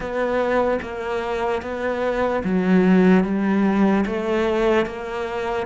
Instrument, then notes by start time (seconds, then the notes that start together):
cello
0.00 B3
0.81 A#3
1.61 B3
2.43 F#3
3.24 G3
4.05 A3
4.85 A#3